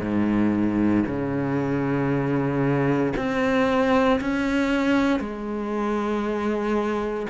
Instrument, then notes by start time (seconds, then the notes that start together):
cello
0.00 G#2
1.06 C#3
3.16 C4
4.20 C#4
5.19 G#3